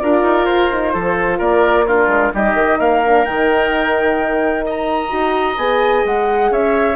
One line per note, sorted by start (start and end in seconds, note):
0.00 0.23 D4
0.00 0.71 F4
0.00 0.94 A#4
0.00 0.46 D5
0.23 0.46 D#4
0.46 0.95 F4
0.46 1.39 C5
0.71 0.94 D#4
0.94 1.40 F3
0.94 1.87 F4
0.94 1.39 A4
1.39 2.08 A#3
1.39 1.85 A#4
1.39 1.87 D5
1.87 2.35 D4
1.87 2.33 F4
1.87 2.33 A#4
2.08 2.31 G#3
2.34 2.54 G3
2.34 3.05 D#4
2.34 2.79 G4
2.34 2.80 D#5
2.54 2.77 D#3
2.79 3.26 A#3
2.79 4.65 A#4
2.79 3.25 F5
3.05 3.26 D4
3.25 5.12 D#3
3.25 5.10 D#4
3.25 4.65 G5
4.66 6.52 D#5
4.66 5.58 A#5
5.10 5.58 D#4
5.10 5.56 F#4
5.58 6.04 B3
5.58 6.97 G#4
5.58 6.05 G#5
6.05 6.51 G#3
6.05 6.53 F#5
6.51 6.97 C#4
6.51 6.97 C#5
6.51 6.97 E5